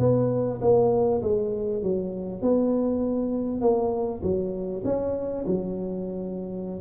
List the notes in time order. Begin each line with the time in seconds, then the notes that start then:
0.00 B3
0.62 A#3
1.23 G#3
1.83 F#3
2.42 B3
3.62 A#3
4.23 F#3
4.85 C#4
5.47 F#3